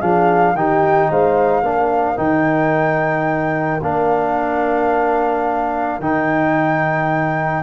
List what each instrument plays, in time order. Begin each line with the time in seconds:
0.00 tuba F3, trombone D4, horn G#4, flute F5
0.55 tuba D#3, trombone D#4, horn G4, flute G5
1.10 tuba G#3, horn C5, flute F5
1.62 tuba A#3, trombone D4, horn A#4
2.16 tuba D#3, trombone D#4, flute G5
3.81 tuba A#3, trombone D4, flute F5
6.00 tuba D#3, trombone D#4, flute G5